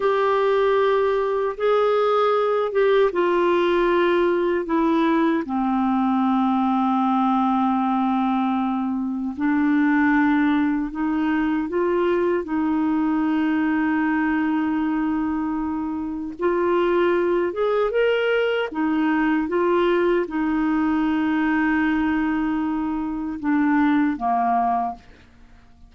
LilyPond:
\new Staff \with { instrumentName = "clarinet" } { \time 4/4 \tempo 4 = 77 g'2 gis'4. g'8 | f'2 e'4 c'4~ | c'1 | d'2 dis'4 f'4 |
dis'1~ | dis'4 f'4. gis'8 ais'4 | dis'4 f'4 dis'2~ | dis'2 d'4 ais4 | }